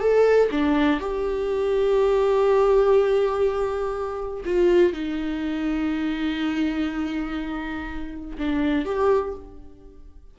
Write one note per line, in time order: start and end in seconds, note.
0.00 0.49 A4
0.51 1.00 D4
1.00 4.44 G4
4.45 4.93 F4
4.93 8.37 D#4
8.38 8.85 D4
8.85 9.34 G4